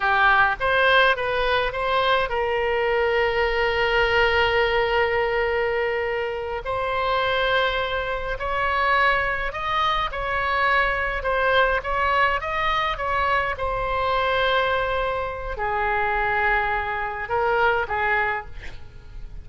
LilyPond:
\new Staff \with { instrumentName = "oboe" } { \time 4/4 \tempo 4 = 104 g'4 c''4 b'4 c''4 | ais'1~ | ais'2.~ ais'8 c''8~ | c''2~ c''8 cis''4.~ |
cis''8 dis''4 cis''2 c''8~ | c''8 cis''4 dis''4 cis''4 c''8~ | c''2. gis'4~ | gis'2 ais'4 gis'4 | }